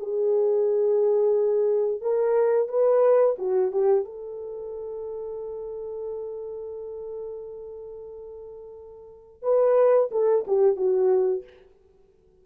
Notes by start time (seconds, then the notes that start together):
0.00 G#4
2.01 A#4
2.69 B4
3.39 F#4
3.72 G4
4.05 A4
9.43 B4
10.12 A4
10.48 G4
10.77 F#4